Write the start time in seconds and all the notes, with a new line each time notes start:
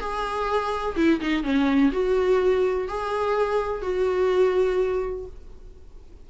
0.00 G#4
0.97 E4
1.21 D#4
1.44 C#4
1.93 F#4
2.88 G#4
3.82 F#4